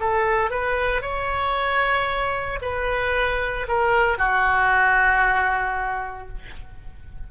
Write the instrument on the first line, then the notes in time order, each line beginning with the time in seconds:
oboe
0.00 A4
0.50 B4
1.01 C#5
2.62 B4
3.68 A#4
4.18 F#4